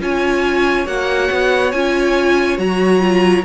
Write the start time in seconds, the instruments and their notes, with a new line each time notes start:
0.00 cello C#4, viola F4, violin C#5 G#5
0.86 cello A#3, viola F#4, violin F#5
1.31 cello B3
1.71 cello C#4, viola F4, violin G#5
2.57 cello F#3, viola F#4, violin A#5
3.00 viola F4